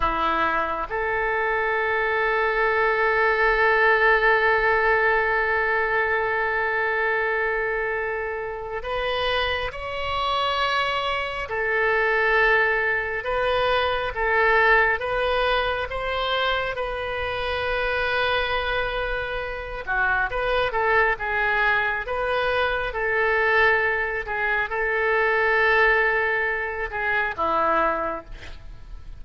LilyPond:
\new Staff \with { instrumentName = "oboe" } { \time 4/4 \tempo 4 = 68 e'4 a'2.~ | a'1~ | a'2 b'4 cis''4~ | cis''4 a'2 b'4 |
a'4 b'4 c''4 b'4~ | b'2~ b'8 fis'8 b'8 a'8 | gis'4 b'4 a'4. gis'8 | a'2~ a'8 gis'8 e'4 | }